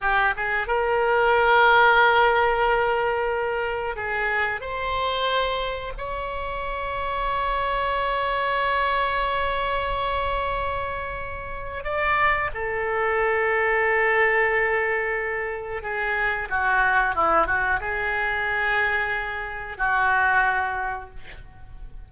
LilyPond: \new Staff \with { instrumentName = "oboe" } { \time 4/4 \tempo 4 = 91 g'8 gis'8 ais'2.~ | ais'2 gis'4 c''4~ | c''4 cis''2.~ | cis''1~ |
cis''2 d''4 a'4~ | a'1 | gis'4 fis'4 e'8 fis'8 gis'4~ | gis'2 fis'2 | }